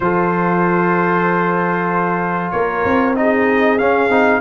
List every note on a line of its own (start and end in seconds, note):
0.00 2.52 F3
0.00 3.15 F4
0.00 2.54 A4
0.00 2.51 C5
2.51 2.84 A#3
2.51 3.17 A#4
2.51 3.14 C#5
2.84 3.79 C4
3.15 3.78 D#4
3.15 4.41 G#4
3.15 3.78 D#5
3.78 4.10 C#4
3.78 4.08 C#4
3.78 4.41 F5
4.08 4.40 C4
4.08 4.41 D#4